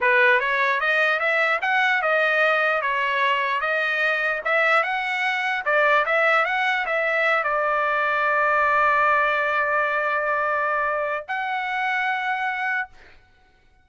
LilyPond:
\new Staff \with { instrumentName = "trumpet" } { \time 4/4 \tempo 4 = 149 b'4 cis''4 dis''4 e''4 | fis''4 dis''2 cis''4~ | cis''4 dis''2 e''4 | fis''2 d''4 e''4 |
fis''4 e''4. d''4.~ | d''1~ | d''1 | fis''1 | }